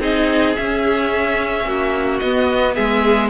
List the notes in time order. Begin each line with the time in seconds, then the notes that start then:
0.00 C4 D#4 G#4 D#5
0.56 C#4 E5
1.65 A#3 F#4
2.19 B3 D#5
2.75 G#3 G#4 E5